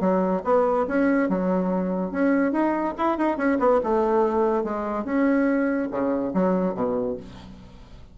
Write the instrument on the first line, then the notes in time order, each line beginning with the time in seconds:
bassoon
0.00 F#3
0.44 B3
0.88 C#4
1.29 F#3
2.11 C#4
2.52 D#4
2.98 E4
3.18 D#4
3.37 C#4
3.60 B3
3.83 A3
4.64 G#3
5.05 C#4
5.91 C#3
6.34 F#3
6.75 B2